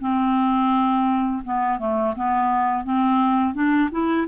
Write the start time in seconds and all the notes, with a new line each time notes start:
0.00 C4
1.44 B3
1.79 A3
2.16 B3
2.84 C4
3.54 D4
3.92 E4